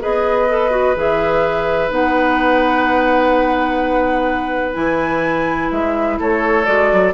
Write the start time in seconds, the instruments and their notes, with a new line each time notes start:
0.00 bassoon B3, clarinet G#4, oboe B4, flute D#5
0.48 clarinet A4
0.70 clarinet F#4
0.96 bassoon E3, clarinet G#4, flute E5
1.89 bassoon B3, clarinet D#4, flute F#5
4.74 bassoon E3, clarinet E4, flute G#5
5.71 bassoon G#3, flute E5
6.19 bassoon A3, oboe A4, flute C#5
6.65 bassoon G#3, clarinet F#4, flute D5
6.93 bassoon F#3